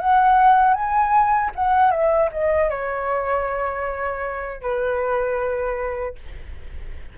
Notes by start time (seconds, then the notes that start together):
0.00 F#5
0.74 G#5
1.56 F#5
1.92 E5
2.32 D#5
2.70 C#5
4.62 B4